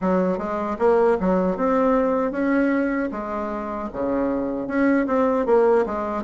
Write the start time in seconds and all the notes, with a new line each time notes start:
0.01 F#3
0.38 G#3
0.78 A#3
1.20 F#3
1.56 C4
2.31 C#4
3.11 G#3
3.92 C#3
4.67 C#4
5.06 C4
5.46 A#3
5.86 G#3